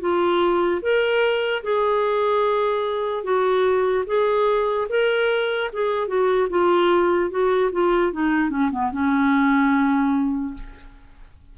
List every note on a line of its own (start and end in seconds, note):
0.00 0.81 F4
0.82 1.63 A#4
1.63 3.23 G#4
3.23 4.04 F#4
4.06 4.87 G#4
4.89 5.70 A#4
5.72 6.07 G#4
6.07 6.48 F#4
6.49 7.30 F4
7.30 7.71 F#4
7.72 8.12 F4
8.12 8.50 D#4
8.50 8.70 C#4
8.71 8.92 B3
8.92 10.54 C#4